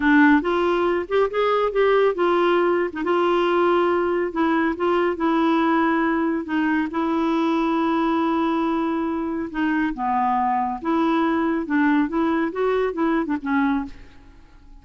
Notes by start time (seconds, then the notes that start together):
0.00 D4
0.41 F4
1.08 G4
1.30 G#4
1.72 G4
2.15 F4
2.93 D#4
3.03 F4
4.31 E4
4.76 F4
5.16 E4
6.44 D#4
6.90 E4
9.50 D#4
9.94 B3
10.81 E4
11.65 D4
12.08 E4
12.52 F#4
12.93 E4
13.25 D4
13.42 C#4